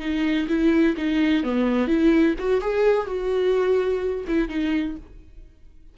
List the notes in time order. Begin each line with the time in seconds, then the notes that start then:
0.00 D#4
0.48 E4
0.97 D#4
1.43 B3
1.88 E4
2.39 F#4
2.61 G#4
3.07 F#4
4.28 E4
4.49 D#4